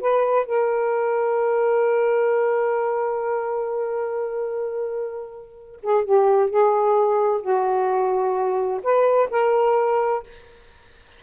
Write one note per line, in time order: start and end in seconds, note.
0.00 0.46 B4
0.46 5.81 A#4
5.82 6.04 G#4
6.04 6.50 G4
6.50 7.41 G#4
7.41 8.81 F#4
8.83 9.29 B4
9.30 10.23 A#4